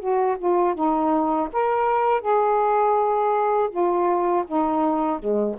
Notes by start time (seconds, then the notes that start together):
0.00 F#4
0.38 F4
0.75 D#4
1.53 A#4
2.21 G#4
3.70 F4
4.47 D#4
5.19 G#3